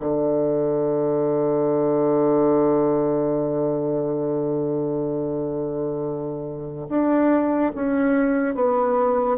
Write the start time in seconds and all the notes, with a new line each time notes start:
0.00 D3
6.88 D4
7.75 C#4
8.55 B3